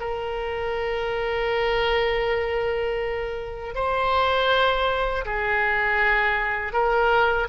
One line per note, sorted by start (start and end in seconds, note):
0.00 3.75 A#4
3.75 5.25 C5
5.25 6.73 G#4
6.73 7.48 A#4